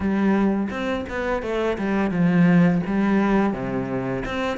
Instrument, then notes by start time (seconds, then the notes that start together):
cello
0.00 G3
0.70 C4
1.09 B3
1.42 A3
1.77 G3
2.10 F3
2.86 G3
3.53 C3
4.25 C4